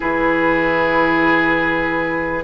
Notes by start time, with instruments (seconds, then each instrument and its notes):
0.00 bassoon E3, clarinet E4, oboe G#4, flute B4